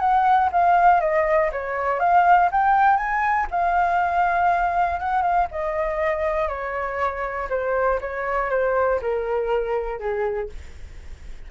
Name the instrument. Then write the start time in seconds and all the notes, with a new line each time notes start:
flute
0.00 F#5
0.52 F5
1.01 D#5
1.52 C#5
2.00 F5
2.52 G5
2.97 G#5
3.51 F5
5.00 F#5
5.23 F5
5.52 D#5
6.49 C#5
7.50 C5
8.01 C#5
8.50 C5
9.02 A#4
10.00 G#4